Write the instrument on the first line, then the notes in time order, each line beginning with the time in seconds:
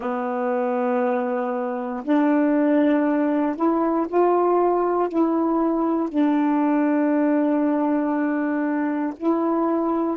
saxophone
0.00 B3
2.03 D4
3.56 E4
4.08 F4
5.08 E4
6.09 D4
9.17 E4